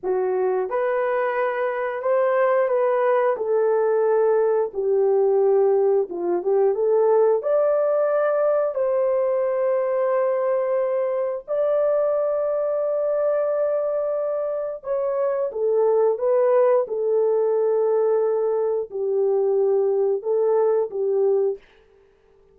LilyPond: \new Staff \with { instrumentName = "horn" } { \time 4/4 \tempo 4 = 89 fis'4 b'2 c''4 | b'4 a'2 g'4~ | g'4 f'8 g'8 a'4 d''4~ | d''4 c''2.~ |
c''4 d''2.~ | d''2 cis''4 a'4 | b'4 a'2. | g'2 a'4 g'4 | }